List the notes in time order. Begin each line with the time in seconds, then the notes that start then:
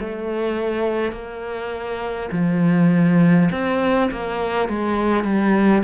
0.00 A3
1.12 A#3
2.32 F3
3.52 C4
4.12 A#3
4.70 G#3
5.25 G3